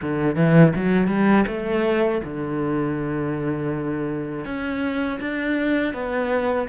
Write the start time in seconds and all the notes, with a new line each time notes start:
0.01 D3
0.35 E3
0.75 F#3
1.07 G3
1.47 A3
2.24 D3
4.45 C#4
5.20 D4
5.93 B3